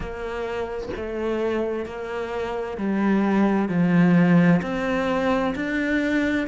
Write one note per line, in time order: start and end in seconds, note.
0.00 0.89 A#3
0.96 1.85 A3
1.85 2.77 A#3
2.77 3.68 G3
3.68 4.61 F3
4.62 5.54 C4
5.55 6.47 D4